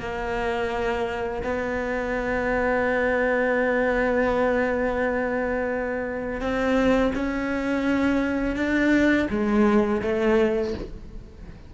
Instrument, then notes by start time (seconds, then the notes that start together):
cello
0.00 A#3
1.44 B3
6.41 C4
7.15 C#4
8.56 D4
9.30 G#3
10.02 A3